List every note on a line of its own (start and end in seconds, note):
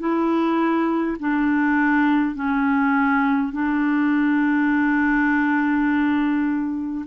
0.00 1.18 E4
1.20 2.35 D4
2.35 3.53 C#4
3.53 7.06 D4